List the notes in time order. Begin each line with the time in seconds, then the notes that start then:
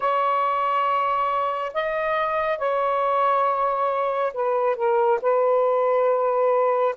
0.00 C#5
1.73 D#5
2.58 C#5
4.33 B4
4.75 A#4
5.21 B4